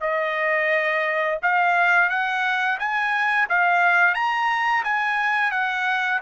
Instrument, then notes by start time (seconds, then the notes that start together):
trumpet
0.00 D#5
1.42 F5
2.09 F#5
2.79 G#5
3.49 F5
4.14 A#5
4.84 G#5
5.51 F#5